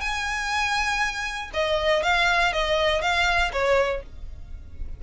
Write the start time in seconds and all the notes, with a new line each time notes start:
0.00 G#5
1.53 D#5
2.02 F5
2.52 D#5
3.01 F5
3.52 C#5